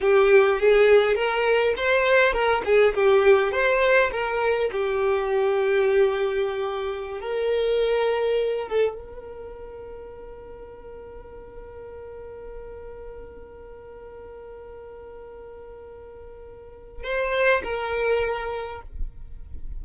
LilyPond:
\new Staff \with { instrumentName = "violin" } { \time 4/4 \tempo 4 = 102 g'4 gis'4 ais'4 c''4 | ais'8 gis'8 g'4 c''4 ais'4 | g'1~ | g'16 ais'2~ ais'8 a'8 ais'8.~ |
ais'1~ | ais'1~ | ais'1~ | ais'4 c''4 ais'2 | }